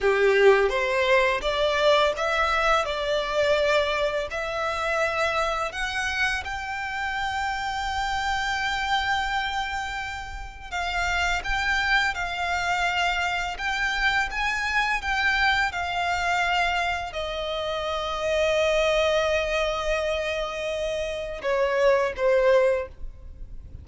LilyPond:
\new Staff \with { instrumentName = "violin" } { \time 4/4 \tempo 4 = 84 g'4 c''4 d''4 e''4 | d''2 e''2 | fis''4 g''2.~ | g''2. f''4 |
g''4 f''2 g''4 | gis''4 g''4 f''2 | dis''1~ | dis''2 cis''4 c''4 | }